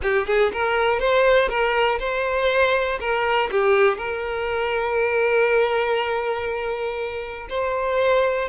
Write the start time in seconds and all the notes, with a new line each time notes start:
0.02 G4
0.27 G#4
0.53 A#4
0.99 C5
1.48 A#4
1.99 C5
3.00 A#4
3.51 G4
3.97 A#4
7.49 C5